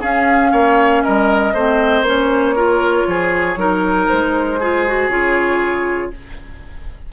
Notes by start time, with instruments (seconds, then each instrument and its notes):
0.00 clarinet C#4, bassoon C#4, oboe G#4, flute F5
0.52 bassoon A#3, oboe C#5
1.03 bassoon G3, oboe A#4, flute D#5
1.53 bassoon A3, clarinet C4, oboe C5
2.02 bassoon A#3, clarinet C#4, flute C#5
2.55 clarinet F4, oboe A#4
3.07 bassoon F3, oboe G#4
3.56 bassoon F#3, clarinet D#4, oboe A#4
4.08 bassoon G#3, flute C5
4.59 clarinet F4, oboe G#4
4.86 clarinet F#4
5.08 bassoon C#3, clarinet F4, flute C#5